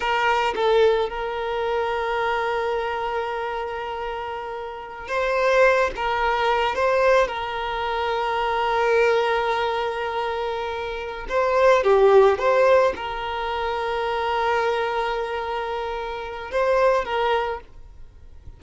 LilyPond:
\new Staff \with { instrumentName = "violin" } { \time 4/4 \tempo 4 = 109 ais'4 a'4 ais'2~ | ais'1~ | ais'4~ ais'16 c''4. ais'4~ ais'16~ | ais'16 c''4 ais'2~ ais'8.~ |
ais'1~ | ais'8 c''4 g'4 c''4 ais'8~ | ais'1~ | ais'2 c''4 ais'4 | }